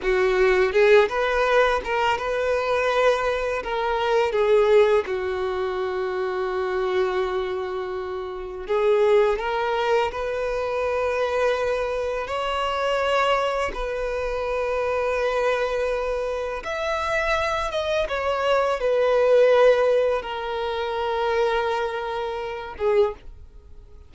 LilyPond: \new Staff \with { instrumentName = "violin" } { \time 4/4 \tempo 4 = 83 fis'4 gis'8 b'4 ais'8 b'4~ | b'4 ais'4 gis'4 fis'4~ | fis'1 | gis'4 ais'4 b'2~ |
b'4 cis''2 b'4~ | b'2. e''4~ | e''8 dis''8 cis''4 b'2 | ais'2.~ ais'8 gis'8 | }